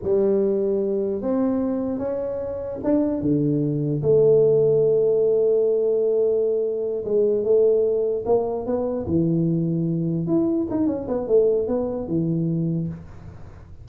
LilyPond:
\new Staff \with { instrumentName = "tuba" } { \time 4/4 \tempo 4 = 149 g2. c'4~ | c'4 cis'2 d'4 | d2 a2~ | a1~ |
a4. gis4 a4.~ | a8 ais4 b4 e4.~ | e4. e'4 dis'8 cis'8 b8 | a4 b4 e2 | }